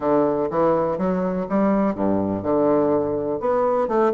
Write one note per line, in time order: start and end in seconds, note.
0.00 0.49 D3
0.50 0.98 E3
0.98 1.47 F#3
1.49 1.94 G3
1.94 2.43 G2
2.43 3.40 D3
3.40 3.88 B3
3.88 4.12 A3